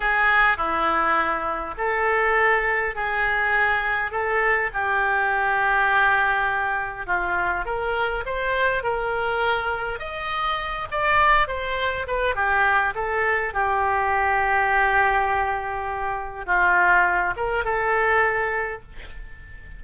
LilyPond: \new Staff \with { instrumentName = "oboe" } { \time 4/4 \tempo 4 = 102 gis'4 e'2 a'4~ | a'4 gis'2 a'4 | g'1 | f'4 ais'4 c''4 ais'4~ |
ais'4 dis''4. d''4 c''8~ | c''8 b'8 g'4 a'4 g'4~ | g'1 | f'4. ais'8 a'2 | }